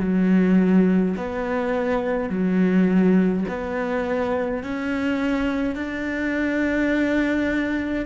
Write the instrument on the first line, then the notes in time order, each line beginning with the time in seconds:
cello
0.00 F#3
1.16 B3
2.30 F#3
3.48 B3
4.63 C#4
5.75 D4